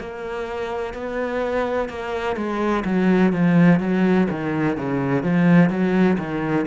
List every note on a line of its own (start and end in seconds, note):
0.00 0.94 A#3
0.94 1.89 B3
1.89 2.36 A#3
2.36 2.84 G#3
2.85 3.33 F#3
3.33 3.80 F3
3.80 4.28 F#3
4.30 4.77 D#3
4.77 5.23 C#3
5.23 5.70 F3
5.70 6.18 F#3
6.18 6.66 D#3